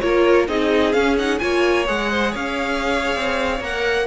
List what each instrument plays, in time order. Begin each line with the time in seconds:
0.00 cello A#3, viola F4, violin A#4 C#5
0.48 cello C4, viola D#4, violin G#4 D#5
0.92 viola C#4, cello C#4, violin F5
1.18 viola D#4, violin F#5
1.39 cello A#3, viola F4, violin C#5 G#5
1.86 cello G#3, viola G#4, violin F#5
2.11 violin C5
2.30 cello C#4, violin C#5 F5
3.15 cello C4
3.60 cello A#3, viola A#4, violin F#5